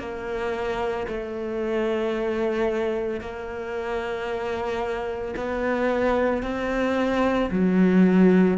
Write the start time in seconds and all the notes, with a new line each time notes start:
0.00 A#3
1.08 A3
3.21 A#3
5.37 B3
6.43 C4
7.51 F#3